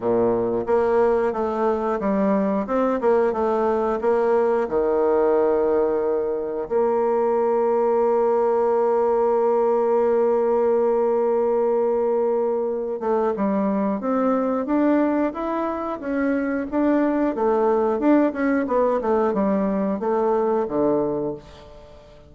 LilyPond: \new Staff \with { instrumentName = "bassoon" } { \time 4/4 \tempo 4 = 90 ais,4 ais4 a4 g4 | c'8 ais8 a4 ais4 dis4~ | dis2 ais2~ | ais1~ |
ais2.~ ais8 a8 | g4 c'4 d'4 e'4 | cis'4 d'4 a4 d'8 cis'8 | b8 a8 g4 a4 d4 | }